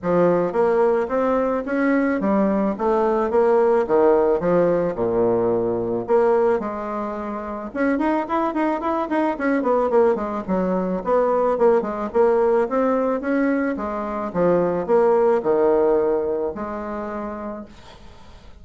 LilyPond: \new Staff \with { instrumentName = "bassoon" } { \time 4/4 \tempo 4 = 109 f4 ais4 c'4 cis'4 | g4 a4 ais4 dis4 | f4 ais,2 ais4 | gis2 cis'8 dis'8 e'8 dis'8 |
e'8 dis'8 cis'8 b8 ais8 gis8 fis4 | b4 ais8 gis8 ais4 c'4 | cis'4 gis4 f4 ais4 | dis2 gis2 | }